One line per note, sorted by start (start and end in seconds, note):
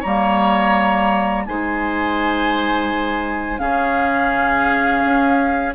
0.00 1.48 G3
0.00 1.46 A#3
0.00 1.43 C#5
0.00 1.46 A#5
1.46 3.60 G#3
1.46 3.59 D#4
1.46 3.61 C5
1.46 3.59 G#5
3.59 5.03 C#3
3.59 5.73 C#4
3.59 5.75 G#4
3.59 5.73 F5
5.04 5.75 C#4